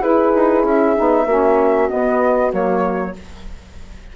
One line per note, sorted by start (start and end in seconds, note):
0.00 0.32 E4
0.00 0.96 E4
0.00 1.25 G#4
0.00 0.65 B4
0.35 0.64 D#4
0.64 0.95 C#4
0.64 1.89 E5
0.96 1.26 B3
0.96 1.27 D#4
1.26 1.88 A#3
1.26 1.90 C#4
1.26 3.14 F#4
1.89 2.50 B3
1.89 2.53 B3
1.89 2.52 D#5
2.50 3.15 F#3
2.50 3.13 A#3
2.50 3.16 C#5